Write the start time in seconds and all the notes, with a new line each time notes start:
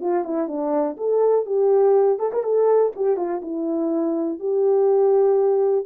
0.00 F4
0.24 E4
0.48 D4
0.97 A4
1.45 G4
2.19 A4
2.33 A#4
2.43 A4
2.96 G4
3.16 F4
3.42 E4
4.39 G4